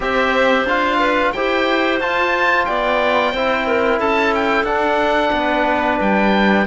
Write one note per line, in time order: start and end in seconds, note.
0.00 0.64 C4
0.00 0.66 G4
0.00 0.99 C5
0.00 0.67 E5
0.64 1.31 D4
0.64 1.35 F4
0.64 1.32 F5
0.99 1.32 B4
1.32 2.00 E4
1.32 2.01 G4
1.32 2.67 C5
1.32 1.99 G5
2.00 2.67 F4
2.00 3.34 F4
2.00 2.65 A5
2.65 3.33 B3
2.65 3.32 D5
2.65 3.98 G5
3.32 3.99 C4
3.32 4.66 E4
3.32 3.66 C5
3.67 3.99 A#4
3.99 4.63 C#4
3.99 5.32 A4
3.99 4.33 A5
4.34 4.65 G5
4.63 5.30 D4
4.63 6.66 D4
4.63 5.98 F#5
5.32 5.99 B3
5.32 6.66 B4
6.00 6.66 G3
6.00 6.66 G5